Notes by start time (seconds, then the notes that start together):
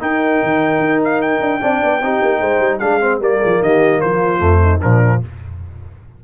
0.00 D#4 A#4 G5
0.43 D#3
0.79 D#4
1.04 F5
1.22 G5
1.41 D4
1.61 C4 D4 D5
1.83 B3
2.01 C4 D#4 G4
2.22 A#3
2.40 G#3 C5
2.59 G3
2.79 G#3 D4 G#4 F5
3.01 C4 C5
3.19 G3 A#3 A#4 D5
3.40 F3 G#4
3.61 D#3 G4 D#5
4.00 F3 F4 C5
4.38 F2 A3
4.61 D#4
4.81 A#2 F3 D4 A#4